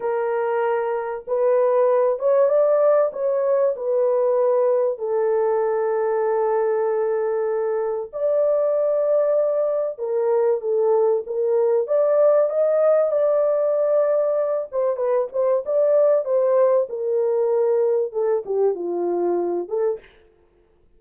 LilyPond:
\new Staff \with { instrumentName = "horn" } { \time 4/4 \tempo 4 = 96 ais'2 b'4. cis''8 | d''4 cis''4 b'2 | a'1~ | a'4 d''2. |
ais'4 a'4 ais'4 d''4 | dis''4 d''2~ d''8 c''8 | b'8 c''8 d''4 c''4 ais'4~ | ais'4 a'8 g'8 f'4. a'8 | }